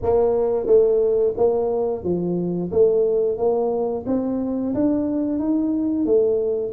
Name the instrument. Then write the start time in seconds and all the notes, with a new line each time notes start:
tuba
0.02 A#3
0.66 A3
1.36 A#3
2.03 F3
2.71 A3
3.37 A#3
4.06 C4
4.74 D4
5.39 D#4
6.05 A3